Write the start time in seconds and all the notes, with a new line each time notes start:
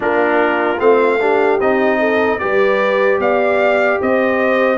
0.00 A#3 D4 F4 A#4
0.79 A3 C4 F5
1.20 D4 G4
1.60 C4 D#4 D#5
1.99 A4
2.38 G3 G4 B4 D5
3.18 B3 D5 F5
4.01 C4 C5 D#5